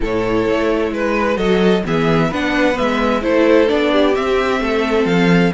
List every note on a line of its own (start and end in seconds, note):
0.00 0.48 A2
0.00 1.35 E4
0.00 0.93 A4
0.00 0.93 C#5
0.49 0.91 A3
0.91 1.37 G#3
0.91 1.37 B4
1.35 1.83 F#3
1.35 1.81 F#4
1.35 1.83 A4
1.35 1.83 D#5
1.85 2.31 E3
1.85 2.31 B3
1.85 2.28 G#4
1.85 2.33 E5
2.28 2.77 B3
2.28 2.74 D4
2.28 3.20 B4
2.28 2.77 F#5
2.74 3.23 G#3
2.74 3.20 B3
2.74 3.22 E5
3.21 3.69 A3
3.21 3.67 E4
3.21 3.92 A4
3.21 3.68 C5
3.67 4.17 B3
3.67 4.13 D4
3.67 4.14 D5
3.92 4.61 G4
4.14 5.53 C4
4.14 4.60 C4
4.14 5.06 E5
4.60 5.05 A3
4.60 5.53 A4
5.05 5.51 F3
5.05 5.52 F5